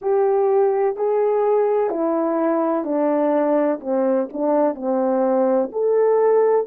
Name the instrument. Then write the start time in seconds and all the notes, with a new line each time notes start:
horn
0.01 G4
0.96 G#4
1.90 E4
2.84 D4
3.80 C4
4.32 D4
4.74 C4
5.71 A4